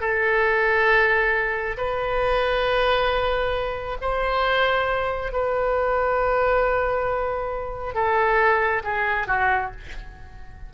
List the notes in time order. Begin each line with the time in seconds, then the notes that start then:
0.00 A4
1.77 B4
4.01 C5
5.32 B4
7.94 A4
8.83 G#4
9.27 F#4